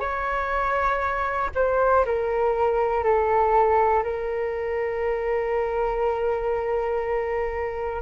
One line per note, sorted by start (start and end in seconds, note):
0.00 1.50 C#5
1.55 2.05 C5
2.06 3.04 A#4
3.04 4.04 A4
4.04 8.02 A#4